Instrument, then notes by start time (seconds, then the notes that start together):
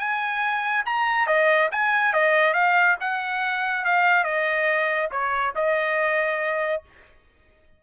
trumpet
0.00 G#5
0.86 A#5
1.27 D#5
1.72 G#5
2.14 D#5
2.54 F5
3.01 F#5
3.85 F5
4.25 D#5
5.12 C#5
5.55 D#5